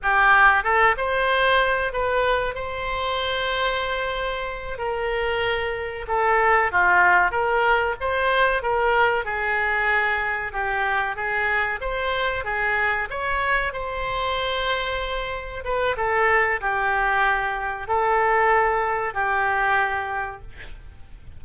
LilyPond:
\new Staff \with { instrumentName = "oboe" } { \time 4/4 \tempo 4 = 94 g'4 a'8 c''4. b'4 | c''2.~ c''8 ais'8~ | ais'4. a'4 f'4 ais'8~ | ais'8 c''4 ais'4 gis'4.~ |
gis'8 g'4 gis'4 c''4 gis'8~ | gis'8 cis''4 c''2~ c''8~ | c''8 b'8 a'4 g'2 | a'2 g'2 | }